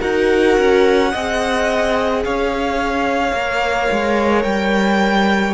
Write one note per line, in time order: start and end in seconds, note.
0.00 0.58 D#4
0.00 1.11 F#4
0.00 1.12 A#4
0.00 2.24 F#5
0.58 1.14 C#4
1.12 2.26 C4
1.12 3.35 G#4
1.12 2.23 D#5
2.25 3.32 C#4
2.25 5.55 C#5
2.25 4.43 F5
3.32 3.88 A#3
3.32 5.55 A#4
3.92 4.45 G#3
4.43 5.55 G3
4.43 5.54 G5